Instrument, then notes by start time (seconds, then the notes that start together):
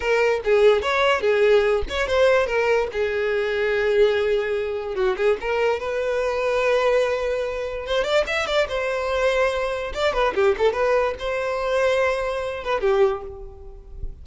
violin
0.00 A#4
0.44 G#4
0.82 C#5
1.20 G#4
1.89 C#5
2.07 C5
2.46 A#4
2.92 G#4
4.95 F#4
5.16 G#4
5.40 A#4
5.79 B4
7.86 C5
8.04 D5
8.26 E5
8.47 D5
8.68 C5
9.94 D5
10.13 B4
10.34 G4
10.57 A4
10.73 B4
11.19 C5
12.64 B4
12.80 G4